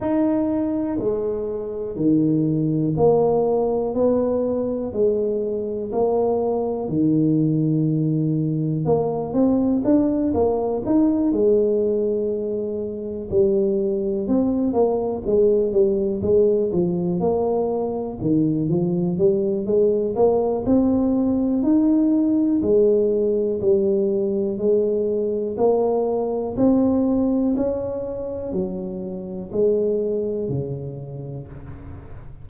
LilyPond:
\new Staff \with { instrumentName = "tuba" } { \time 4/4 \tempo 4 = 61 dis'4 gis4 dis4 ais4 | b4 gis4 ais4 dis4~ | dis4 ais8 c'8 d'8 ais8 dis'8 gis8~ | gis4. g4 c'8 ais8 gis8 |
g8 gis8 f8 ais4 dis8 f8 g8 | gis8 ais8 c'4 dis'4 gis4 | g4 gis4 ais4 c'4 | cis'4 fis4 gis4 cis4 | }